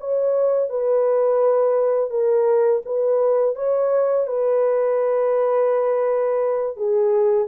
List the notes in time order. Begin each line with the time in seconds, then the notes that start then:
0.00 C#5
0.69 B4
2.10 A#4
2.85 B4
3.56 C#5
4.27 B4
6.77 G#4